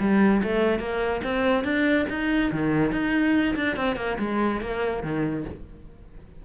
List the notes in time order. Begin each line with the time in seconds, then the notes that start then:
0.00 G3
0.43 A3
0.79 A#3
1.24 C4
1.64 D4
2.09 D#4
2.51 D#3
2.92 D#4
3.56 D4
3.76 C4
3.96 A#3
4.19 G#3
4.61 A#3
5.03 D#3